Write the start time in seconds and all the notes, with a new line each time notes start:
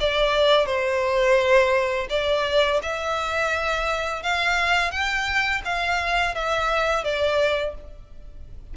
0.00 D5
0.66 C5
2.10 D5
2.82 E5
4.23 F5
4.91 G5
5.65 F5
6.35 E5
7.04 D5